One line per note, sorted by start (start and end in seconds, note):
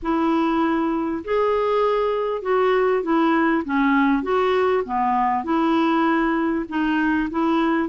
0.02 1.23 E4
1.24 2.42 G#4
2.42 3.02 F#4
3.02 3.63 E4
3.64 4.23 C#4
4.23 4.83 F#4
4.85 5.44 B3
5.44 6.65 E4
6.68 7.29 D#4
7.30 7.88 E4